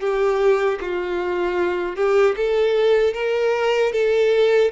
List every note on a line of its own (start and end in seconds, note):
0.00 0.79 G4
0.81 1.96 F4
1.96 2.35 G4
2.36 3.13 A4
3.13 3.92 A#4
3.92 4.71 A4